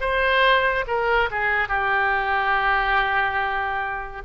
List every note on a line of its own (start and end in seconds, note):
0.00 0.85 C5
0.87 1.29 A#4
1.30 1.68 G#4
1.68 4.21 G4